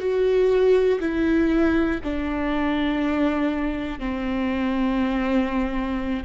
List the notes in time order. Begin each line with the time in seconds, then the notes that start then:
0.00 F#4
1.00 E4
2.04 D4
4.00 C4